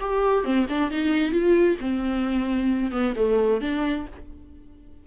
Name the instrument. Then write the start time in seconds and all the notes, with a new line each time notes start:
viola
0.00 G4
0.44 C4
0.69 D4
0.91 D#4
1.32 F4
1.81 C4
2.91 B3
3.16 A3
3.61 D4